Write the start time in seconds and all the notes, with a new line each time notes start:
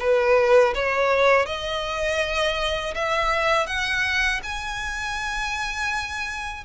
0.00 B4
0.75 C#5
1.46 D#5
2.95 E5
3.67 F#5
4.43 G#5